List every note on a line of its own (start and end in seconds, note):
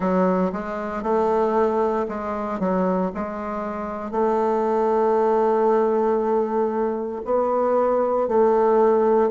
0.00 0.51 F#3
0.52 1.03 G#3
1.03 2.06 A3
2.08 2.59 G#3
2.59 3.11 F#3
3.14 4.11 G#3
4.11 7.21 A3
7.25 8.28 B3
8.28 9.30 A3